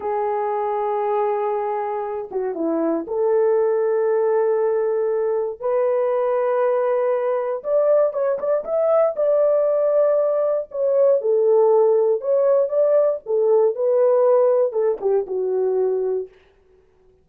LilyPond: \new Staff \with { instrumentName = "horn" } { \time 4/4 \tempo 4 = 118 gis'1~ | gis'8 fis'8 e'4 a'2~ | a'2. b'4~ | b'2. d''4 |
cis''8 d''8 e''4 d''2~ | d''4 cis''4 a'2 | cis''4 d''4 a'4 b'4~ | b'4 a'8 g'8 fis'2 | }